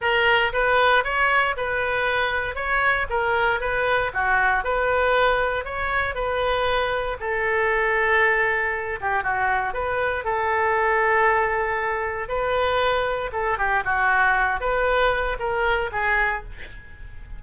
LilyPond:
\new Staff \with { instrumentName = "oboe" } { \time 4/4 \tempo 4 = 117 ais'4 b'4 cis''4 b'4~ | b'4 cis''4 ais'4 b'4 | fis'4 b'2 cis''4 | b'2 a'2~ |
a'4. g'8 fis'4 b'4 | a'1 | b'2 a'8 g'8 fis'4~ | fis'8 b'4. ais'4 gis'4 | }